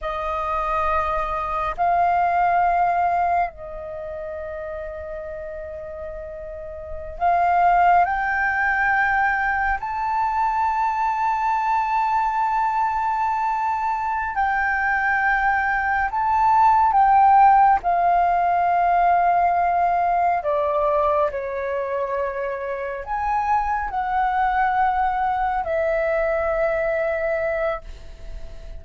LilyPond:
\new Staff \with { instrumentName = "flute" } { \time 4/4 \tempo 4 = 69 dis''2 f''2 | dis''1~ | dis''16 f''4 g''2 a''8.~ | a''1~ |
a''8 g''2 a''4 g''8~ | g''8 f''2. d''8~ | d''8 cis''2 gis''4 fis''8~ | fis''4. e''2~ e''8 | }